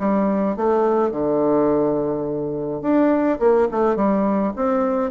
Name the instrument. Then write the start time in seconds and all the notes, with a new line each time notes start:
bassoon
0.00 G3
0.57 A3
1.12 D3
2.82 D4
3.40 A#3
3.72 A3
3.96 G3
4.56 C4